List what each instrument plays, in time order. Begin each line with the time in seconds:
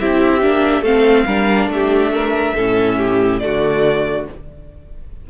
0.00 cello C4, viola E4, violin G4 E5
0.42 cello A#3, viola D4
0.81 cello A3, viola C4, violin A4 F5
1.26 cello G3, viola D4, violin A#4
1.67 cello A3, violin E5
1.74 violin G4
2.13 violin A#4
2.56 cello A2, viola C#4, violin A4
2.98 violin G4
3.39 cello D3, viola A3, violin F#4 D5